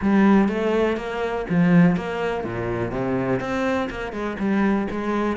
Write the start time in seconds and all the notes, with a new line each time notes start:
0.01 G3
0.48 A3
0.96 A#3
1.49 F3
1.96 A#3
2.44 A#2
2.91 C3
3.39 C4
3.90 A#3
4.12 G#3
4.39 G3
4.90 G#3